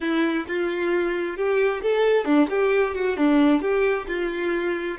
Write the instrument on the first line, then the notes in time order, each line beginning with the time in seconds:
violin
0.01 E4
0.48 F4
1.36 G4
1.82 A4
2.25 D4
2.49 G4
2.94 F#4
3.16 D4
3.61 G4
4.07 F4